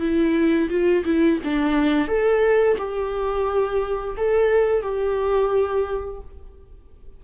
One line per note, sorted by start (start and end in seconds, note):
0.00 0.69 E4
0.70 1.04 F4
1.05 1.40 E4
1.45 2.08 D4
2.08 2.77 A4
2.78 4.16 G4
4.17 4.83 A4
4.83 6.21 G4